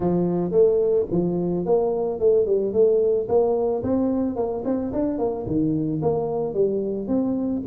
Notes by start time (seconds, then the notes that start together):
0.00 F3
0.51 A3
1.11 F3
1.65 A#3
2.19 A3
2.45 G3
2.72 A3
3.28 A#3
3.83 C4
4.36 A#3
4.65 C4
4.92 D4
5.18 A#3
5.46 D#3
6.01 A#3
6.54 G3
7.07 C4